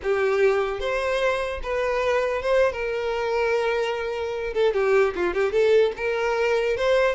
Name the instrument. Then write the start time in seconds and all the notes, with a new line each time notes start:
violin
0.02 G4
0.80 C5
1.62 B4
2.42 C5
2.72 A#4
4.53 A4
4.73 G4
5.15 F4
5.34 G4
5.52 A4
5.96 A#4
6.77 C5